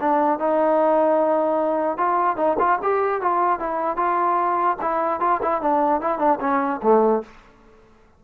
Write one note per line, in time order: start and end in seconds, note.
0.00 0.39 D4
0.39 1.97 D#4
1.97 2.36 F4
2.36 2.57 D#4
2.59 2.79 F4
2.82 3.21 G4
3.21 3.59 F4
3.59 3.96 E4
3.96 4.77 F4
4.81 5.20 E4
5.20 5.40 F4
5.42 5.61 E4
5.61 6.01 D4
6.01 6.18 E4
6.18 6.39 D4
6.40 6.80 C#4
6.82 7.22 A3